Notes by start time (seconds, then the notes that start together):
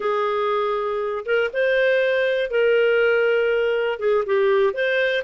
0.00 G#4
1.25 A#4
1.53 C5
2.50 A#4
3.99 G#4
4.25 G4
4.73 C5